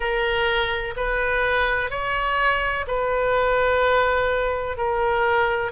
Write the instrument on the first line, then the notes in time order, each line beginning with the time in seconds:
oboe
0.00 A#4
0.96 B4
1.90 C#5
2.87 B4
4.77 A#4